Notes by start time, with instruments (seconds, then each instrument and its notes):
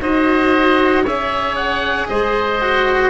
0.00 tuba D#4, cello F#4, oboe C5 D#5
1.02 tuba C#4, cello G#4, oboe C#5 E5
1.56 oboe F#5
2.08 tuba G#3, oboe C5 D#5
2.61 cello F#4